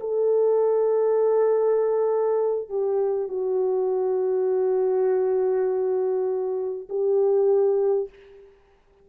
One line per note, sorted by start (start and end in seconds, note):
0.00 2.69 A4
2.69 3.28 G4
3.28 6.88 F#4
6.89 8.09 G4